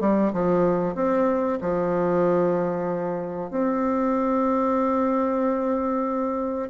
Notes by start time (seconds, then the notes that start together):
0.00 G3
0.33 F3
0.95 C4
1.60 F3
3.50 C4